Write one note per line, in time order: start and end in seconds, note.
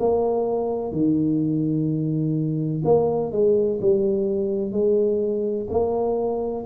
0.00 0.93 A#3
0.93 2.83 D#3
2.85 3.32 A#3
3.32 3.80 G#3
3.81 4.72 G3
4.72 5.68 G#3
5.70 6.65 A#3